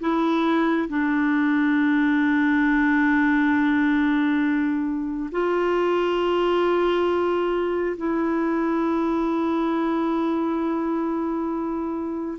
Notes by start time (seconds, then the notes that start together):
0.00 E4
0.89 D4
5.31 F4
7.97 E4